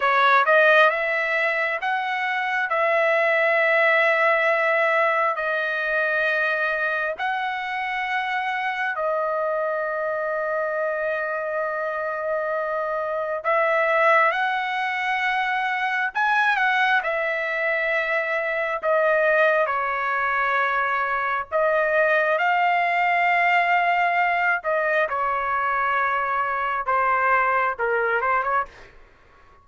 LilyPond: \new Staff \with { instrumentName = "trumpet" } { \time 4/4 \tempo 4 = 67 cis''8 dis''8 e''4 fis''4 e''4~ | e''2 dis''2 | fis''2 dis''2~ | dis''2. e''4 |
fis''2 gis''8 fis''8 e''4~ | e''4 dis''4 cis''2 | dis''4 f''2~ f''8 dis''8 | cis''2 c''4 ais'8 c''16 cis''16 | }